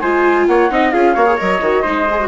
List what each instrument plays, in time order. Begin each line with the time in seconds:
0.00 bassoon G#3, viola F4, trumpet C5, flute G#5
0.47 bassoon A#3, trumpet C#5, flute F#5
0.70 bassoon C4, viola D#4, trumpet D#5
0.91 bassoon C#4, viola F4, trumpet G#4, flute F5
1.14 bassoon A#3, viola F#4, trumpet C#5
1.26 viola G#4
1.37 bassoon F#3, viola A#4, flute D#5
1.61 bassoon D#3, viola F#4
1.82 bassoon G#3, viola D#4, trumpet C5
2.11 viola G#4
2.20 viola F#4